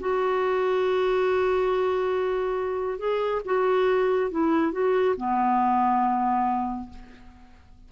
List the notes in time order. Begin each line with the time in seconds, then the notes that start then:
0.00 F#4
2.99 G#4
3.45 F#4
4.31 E4
4.72 F#4
5.17 B3